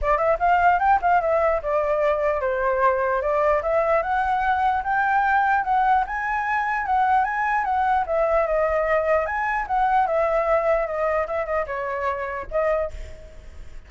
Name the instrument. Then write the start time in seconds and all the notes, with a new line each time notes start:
flute
0.01 D5
0.17 E5
0.39 F5
0.79 G5
1.01 F5
1.21 E5
1.62 D5
2.41 C5
3.21 D5
3.62 E5
4.02 F#5
4.83 G5
5.64 F#5
6.06 G#5
6.85 F#5
7.24 G#5
7.64 F#5
8.06 E5
8.47 D#5
9.25 G#5
9.67 F#5
10.06 E5
10.86 D#5
11.27 E5
11.45 D#5
11.66 C#5
12.50 D#5